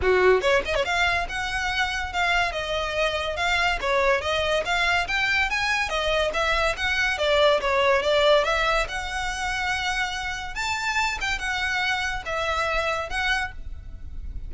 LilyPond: \new Staff \with { instrumentName = "violin" } { \time 4/4 \tempo 4 = 142 fis'4 cis''8 dis''16 cis''16 f''4 fis''4~ | fis''4 f''4 dis''2 | f''4 cis''4 dis''4 f''4 | g''4 gis''4 dis''4 e''4 |
fis''4 d''4 cis''4 d''4 | e''4 fis''2.~ | fis''4 a''4. g''8 fis''4~ | fis''4 e''2 fis''4 | }